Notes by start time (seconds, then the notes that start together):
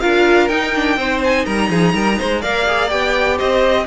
0.00 D4 F4 A#4 F5
0.48 D#4 G5
0.75 D4
0.96 C4 D#4 C5
1.24 G#5
1.45 G3 A#4 A#5
1.69 F3 G#4
1.93 G3 A#4
2.19 G#3 C5
2.41 A#3 A#4 D5 F5
2.66 G#4
2.89 B3 G4 G5
3.37 C4 C5 D#5